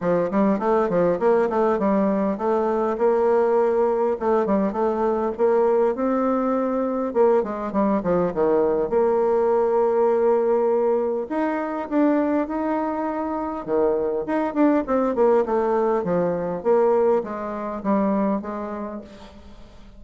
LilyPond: \new Staff \with { instrumentName = "bassoon" } { \time 4/4 \tempo 4 = 101 f8 g8 a8 f8 ais8 a8 g4 | a4 ais2 a8 g8 | a4 ais4 c'2 | ais8 gis8 g8 f8 dis4 ais4~ |
ais2. dis'4 | d'4 dis'2 dis4 | dis'8 d'8 c'8 ais8 a4 f4 | ais4 gis4 g4 gis4 | }